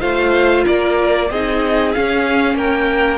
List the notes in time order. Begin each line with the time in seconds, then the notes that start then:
0.00 A3 F4 C5 F5
0.65 A#3 A#4 D5
1.31 C4 D#4 G#4 D#5
1.93 C#4 F5
2.55 A#3 A#4 G5